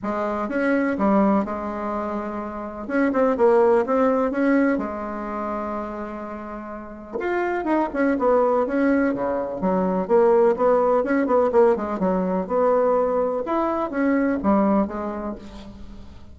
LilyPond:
\new Staff \with { instrumentName = "bassoon" } { \time 4/4 \tempo 4 = 125 gis4 cis'4 g4 gis4~ | gis2 cis'8 c'8 ais4 | c'4 cis'4 gis2~ | gis2. f'4 |
dis'8 cis'8 b4 cis'4 cis4 | fis4 ais4 b4 cis'8 b8 | ais8 gis8 fis4 b2 | e'4 cis'4 g4 gis4 | }